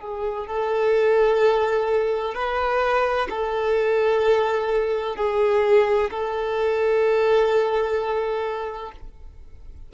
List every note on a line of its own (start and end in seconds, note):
0.00 0.47 G#4
0.47 2.34 A4
2.34 3.28 B4
3.29 5.16 A4
5.16 6.10 G#4
6.10 8.91 A4